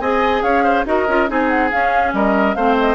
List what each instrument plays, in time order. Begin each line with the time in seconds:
0.00 bassoon C4, clarinet G#4, oboe D#5, flute G#5
0.42 bassoon C#4, oboe C#5, flute F5
0.63 oboe C5
0.85 bassoon D#4, clarinet F#4, oboe A#4, flute D#5
1.08 bassoon C#4, clarinet F4
1.27 bassoon C4, clarinet D#4, oboe G#4, flute G#5
1.49 flute F#5
1.71 clarinet C#4, bassoon C#4, flute F5
2.13 bassoon G3, oboe A#4, flute D#5
2.55 bassoon A3, clarinet C4, oboe C5, flute F5
2.79 flute D#5